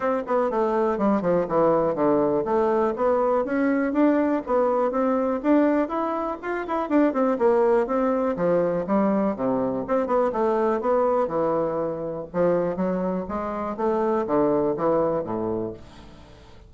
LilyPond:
\new Staff \with { instrumentName = "bassoon" } { \time 4/4 \tempo 4 = 122 c'8 b8 a4 g8 f8 e4 | d4 a4 b4 cis'4 | d'4 b4 c'4 d'4 | e'4 f'8 e'8 d'8 c'8 ais4 |
c'4 f4 g4 c4 | c'8 b8 a4 b4 e4~ | e4 f4 fis4 gis4 | a4 d4 e4 a,4 | }